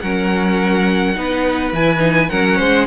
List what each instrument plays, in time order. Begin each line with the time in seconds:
0.00 cello F#3, viola C#4, violin A#4 F#5
1.15 cello B3, viola D#4, violin B4
1.72 cello E3, viola E4, violin G#5
1.98 viola D#4
2.29 cello F#3, viola C#4, violin A#4 F#5
2.57 cello G#3, violin C5